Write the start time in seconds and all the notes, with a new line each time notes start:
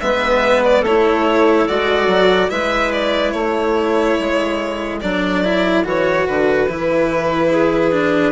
0.00 G#3 B3 B4 E5
0.63 D5
0.81 A3 A4 C#5
0.87 E4
1.67 G#3 F#4 D5
2.07 F#3
2.49 G#3 E4 B4 E5
2.91 D5
3.31 A3 A4 C#5
4.19 G#3
5.01 F#3 D4 D5
5.44 E4
5.84 E3 F#4 C#5
6.27 D3 B4
6.67 E3 E4
7.50 G#4
7.91 D4